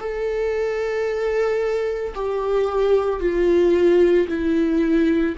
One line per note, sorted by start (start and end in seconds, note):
0.00 2.14 A4
2.15 3.20 G4
3.20 4.27 F4
4.28 5.35 E4